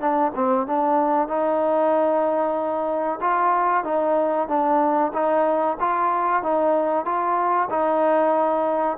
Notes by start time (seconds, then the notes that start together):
0.00 D4
0.35 C4
0.66 D4
1.28 D#4
3.20 F4
3.84 D#4
4.48 D4
5.13 D#4
5.80 F4
6.43 D#4
7.05 F4
7.70 D#4